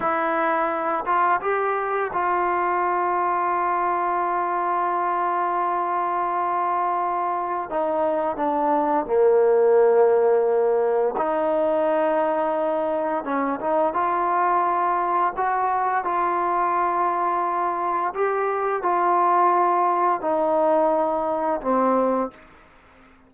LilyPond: \new Staff \with { instrumentName = "trombone" } { \time 4/4 \tempo 4 = 86 e'4. f'8 g'4 f'4~ | f'1~ | f'2. dis'4 | d'4 ais2. |
dis'2. cis'8 dis'8 | f'2 fis'4 f'4~ | f'2 g'4 f'4~ | f'4 dis'2 c'4 | }